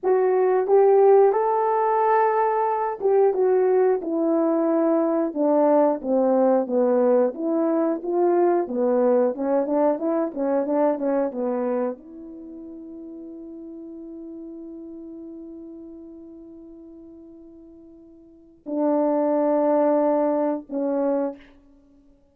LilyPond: \new Staff \with { instrumentName = "horn" } { \time 4/4 \tempo 4 = 90 fis'4 g'4 a'2~ | a'8 g'8 fis'4 e'2 | d'4 c'4 b4 e'4 | f'4 b4 cis'8 d'8 e'8 cis'8 |
d'8 cis'8 b4 e'2~ | e'1~ | e'1 | d'2. cis'4 | }